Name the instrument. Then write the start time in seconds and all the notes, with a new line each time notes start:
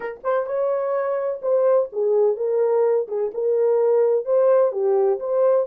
horn
0.00 A#4
0.23 C5
0.46 C#5
1.42 C5
1.92 G#4
2.36 A#4
3.08 G#4
3.33 A#4
4.25 C5
4.72 G4
5.19 C5